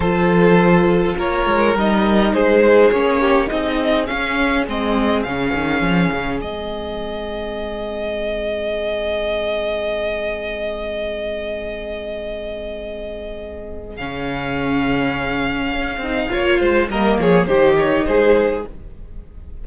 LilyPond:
<<
  \new Staff \with { instrumentName = "violin" } { \time 4/4 \tempo 4 = 103 c''2 cis''4 dis''4 | c''4 cis''4 dis''4 f''4 | dis''4 f''2 dis''4~ | dis''1~ |
dis''1~ | dis''1 | f''1~ | f''4 dis''8 cis''8 c''8 cis''8 c''4 | }
  \new Staff \with { instrumentName = "violin" } { \time 4/4 a'2 ais'2 | gis'4. g'8 gis'2~ | gis'1~ | gis'1~ |
gis'1~ | gis'1~ | gis'1 | cis''8 c''8 ais'8 gis'8 g'4 gis'4 | }
  \new Staff \with { instrumentName = "viola" } { \time 4/4 f'2. dis'4~ | dis'4 cis'4 dis'4 cis'4 | c'4 cis'2 c'4~ | c'1~ |
c'1~ | c'1 | cis'2.~ cis'8 dis'8 | f'4 ais4 dis'2 | }
  \new Staff \with { instrumentName = "cello" } { \time 4/4 f2 ais8 gis8 g4 | gis4 ais4 c'4 cis'4 | gis4 cis8 dis8 f8 cis8 gis4~ | gis1~ |
gis1~ | gis1 | cis2. cis'8 c'8 | ais8 gis8 g8 f8 dis4 gis4 | }
>>